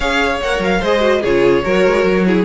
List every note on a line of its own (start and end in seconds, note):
0.00 0.41 C#4
0.00 0.42 G#4
0.00 0.80 C#5
0.00 0.40 F5
0.41 0.59 A#3
0.41 0.82 A#4
0.41 0.62 F#5
0.59 0.79 F#3
0.59 0.84 F5
0.80 1.23 G#3
0.80 1.00 G#4
0.80 1.20 C5
0.80 1.23 D#5
1.00 1.20 F#4
1.20 1.64 C#3
1.20 1.63 F4
1.20 1.62 G#4
1.20 2.45 C#5
1.63 1.86 F#3
1.63 2.25 F#4
1.63 2.25 A#4
1.86 2.04 G#3
2.04 2.45 F#3
2.26 2.45 E4
2.26 2.45 G#4